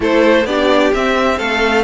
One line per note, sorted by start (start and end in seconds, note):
0.00 0.44 A3
0.00 0.44 E4
0.00 0.47 A4
0.00 0.45 C5
0.44 0.91 B3
0.44 0.93 D4
0.44 1.37 G4
0.44 0.92 D5
0.93 1.84 C4
0.93 1.39 C4
0.93 1.38 E5
1.37 1.84 A3
1.37 1.84 A4
1.37 1.84 F5